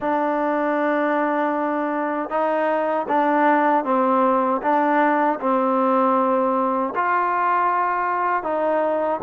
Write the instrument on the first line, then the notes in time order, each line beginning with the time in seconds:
trombone
0.00 D4
2.29 D#4
3.08 D4
3.84 C4
4.62 D4
5.40 C4
6.95 F4
8.43 D#4